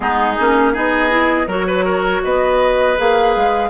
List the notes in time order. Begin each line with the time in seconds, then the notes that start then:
0.00 G#3 B3 D#4 G#4
0.39 A#3 C#4
0.73 B3 D#4 G#4 D#5
1.09 E4
1.46 F#3 F#4 A#4 C#5
1.67 B4
1.84 A#4
2.23 B3 B4 D#5
2.97 A#3 G#4 F5
3.35 G#3